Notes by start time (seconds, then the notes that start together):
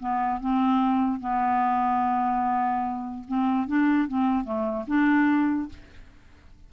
0.00 B3
0.41 C4
1.20 B3
3.28 C4
3.68 D4
4.09 C4
4.45 A3
4.88 D4